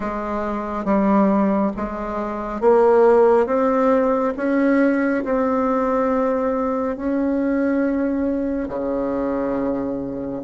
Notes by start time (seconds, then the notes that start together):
0.00 G#3
0.85 G3
1.76 G#3
2.60 A#3
3.46 C4
4.37 C#4
5.24 C4
6.96 C#4
8.68 C#3